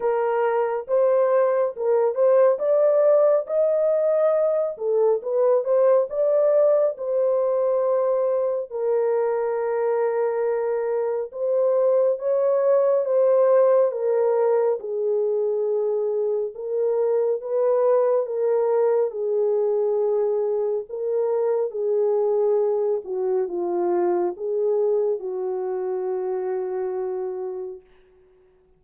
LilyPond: \new Staff \with { instrumentName = "horn" } { \time 4/4 \tempo 4 = 69 ais'4 c''4 ais'8 c''8 d''4 | dis''4. a'8 b'8 c''8 d''4 | c''2 ais'2~ | ais'4 c''4 cis''4 c''4 |
ais'4 gis'2 ais'4 | b'4 ais'4 gis'2 | ais'4 gis'4. fis'8 f'4 | gis'4 fis'2. | }